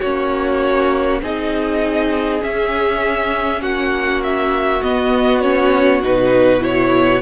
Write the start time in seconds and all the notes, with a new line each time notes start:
0.00 A#3 C#4 F#4 C#5
1.22 C4 D#4 G#4 D#5
2.40 C#4 E5
3.61 A#3 F#4 F#5
4.23 E5
4.82 B3 D#5
5.41 C#4 C#5
6.03 B2 D#4 B4
6.59 E4 C#5